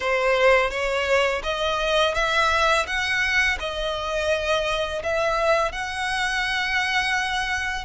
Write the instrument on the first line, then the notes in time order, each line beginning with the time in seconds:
violin
0.00 C5
0.70 C#5
1.43 D#5
2.14 E5
2.86 F#5
3.59 D#5
5.03 E5
5.71 F#5